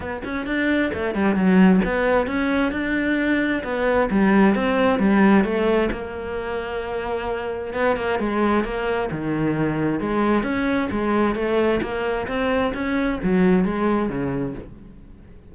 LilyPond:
\new Staff \with { instrumentName = "cello" } { \time 4/4 \tempo 4 = 132 b8 cis'8 d'4 a8 g8 fis4 | b4 cis'4 d'2 | b4 g4 c'4 g4 | a4 ais2.~ |
ais4 b8 ais8 gis4 ais4 | dis2 gis4 cis'4 | gis4 a4 ais4 c'4 | cis'4 fis4 gis4 cis4 | }